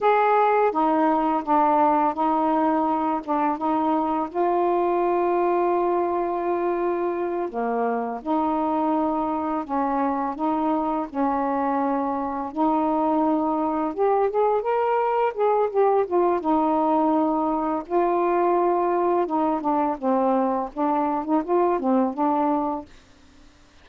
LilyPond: \new Staff \with { instrumentName = "saxophone" } { \time 4/4 \tempo 4 = 84 gis'4 dis'4 d'4 dis'4~ | dis'8 d'8 dis'4 f'2~ | f'2~ f'8 ais4 dis'8~ | dis'4. cis'4 dis'4 cis'8~ |
cis'4. dis'2 g'8 | gis'8 ais'4 gis'8 g'8 f'8 dis'4~ | dis'4 f'2 dis'8 d'8 | c'4 d'8. dis'16 f'8 c'8 d'4 | }